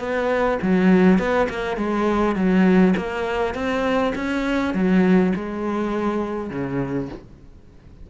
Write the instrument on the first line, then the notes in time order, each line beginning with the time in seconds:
cello
0.00 B3
0.62 F#3
1.19 B3
1.50 A#3
1.77 G#3
2.36 F#3
2.97 A#3
3.55 C4
4.15 C#4
4.74 F#3
5.36 G#3
6.51 C#3